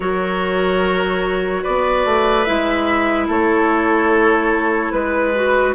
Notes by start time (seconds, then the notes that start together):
0.00 F#3 F#4 A#4 C#5
1.62 B3 B4 D5
2.05 A3
2.43 G#3 E4 E5
3.27 A3 A4 C#5
4.91 G#3 B4
5.34 F#4